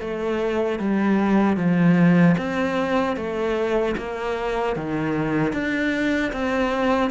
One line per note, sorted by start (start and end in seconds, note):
0.00 0.79 A3
0.79 1.56 G3
1.56 2.35 F3
2.37 3.16 C4
3.16 3.95 A3
3.97 4.76 A#3
4.76 5.53 D#3
5.53 6.32 D4
6.32 7.10 C4